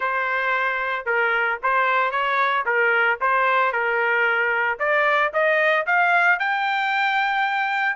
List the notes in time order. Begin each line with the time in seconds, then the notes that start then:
0.00 C5
1.05 A#4
1.62 C5
2.11 C#5
2.65 A#4
3.20 C5
3.72 A#4
4.79 D5
5.33 D#5
5.86 F5
6.39 G5